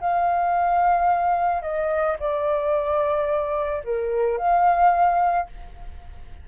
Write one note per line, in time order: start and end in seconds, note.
0.00 1.62 F5
1.62 2.16 D#5
2.19 3.82 D5
3.84 4.37 A#4
4.37 5.46 F5